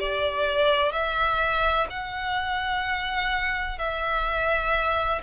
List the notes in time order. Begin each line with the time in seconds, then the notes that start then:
0.00 D5
0.92 E5
1.90 F#5
3.78 E5